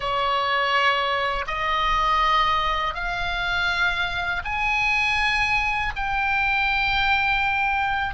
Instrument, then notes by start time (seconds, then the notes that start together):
oboe
0.00 C#5
1.47 D#5
2.94 F5
4.44 G#5
5.96 G5